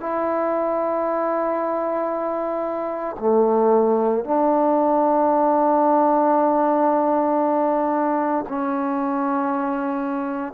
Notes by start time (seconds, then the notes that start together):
0.00 E4
3.19 A3
4.24 D4
8.48 C#4